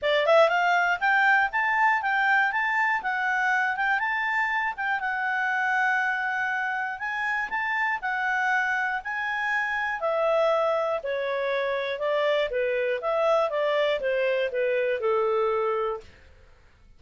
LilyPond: \new Staff \with { instrumentName = "clarinet" } { \time 4/4 \tempo 4 = 120 d''8 e''8 f''4 g''4 a''4 | g''4 a''4 fis''4. g''8 | a''4. g''8 fis''2~ | fis''2 gis''4 a''4 |
fis''2 gis''2 | e''2 cis''2 | d''4 b'4 e''4 d''4 | c''4 b'4 a'2 | }